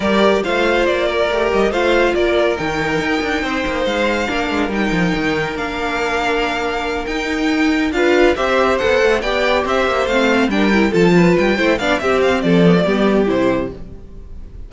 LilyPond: <<
  \new Staff \with { instrumentName = "violin" } { \time 4/4 \tempo 4 = 140 d''4 f''4 d''4. dis''8 | f''4 d''4 g''2~ | g''4 f''2 g''4~ | g''4 f''2.~ |
f''8 g''2 f''4 e''8~ | e''8 fis''4 g''4 e''4 f''8~ | f''8 g''4 a''4 g''4 f''8 | e''8 f''8 d''2 c''4 | }
  \new Staff \with { instrumentName = "violin" } { \time 4/4 ais'4 c''4. ais'4. | c''4 ais'2. | c''2 ais'2~ | ais'1~ |
ais'2~ ais'8 b'4 c''8~ | c''4. d''4 c''4.~ | c''8 ais'4 a'8 b'4 c''8 d''8 | g'4 a'4 g'2 | }
  \new Staff \with { instrumentName = "viola" } { \time 4/4 g'4 f'2 g'4 | f'2 dis'2~ | dis'2 d'4 dis'4~ | dis'4 d'2.~ |
d'8 dis'2 f'4 g'8~ | g'8 a'4 g'2 c'8~ | c'8 d'8 e'8 f'4. e'8 d'8 | c'4. b16 a16 b4 e'4 | }
  \new Staff \with { instrumentName = "cello" } { \time 4/4 g4 a4 ais4 a8 g8 | a4 ais4 dis4 dis'8 d'8 | c'8 ais8 gis4 ais8 gis8 g8 f8 | dis4 ais2.~ |
ais8 dis'2 d'4 c'8~ | c'8 b8 a8 b4 c'8 ais8 a8~ | a8 g4 f4 g8 a8 b8 | c'4 f4 g4 c4 | }
>>